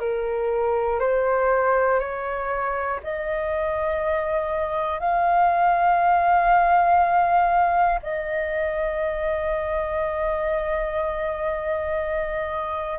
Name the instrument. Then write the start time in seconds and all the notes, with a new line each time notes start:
flute
0.00 A#4
1.00 C5
2.00 C#5
3.04 D#5
5.00 F5
8.03 D#5